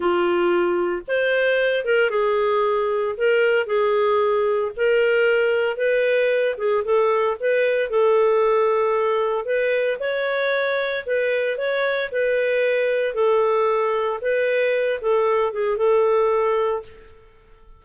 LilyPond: \new Staff \with { instrumentName = "clarinet" } { \time 4/4 \tempo 4 = 114 f'2 c''4. ais'8 | gis'2 ais'4 gis'4~ | gis'4 ais'2 b'4~ | b'8 gis'8 a'4 b'4 a'4~ |
a'2 b'4 cis''4~ | cis''4 b'4 cis''4 b'4~ | b'4 a'2 b'4~ | b'8 a'4 gis'8 a'2 | }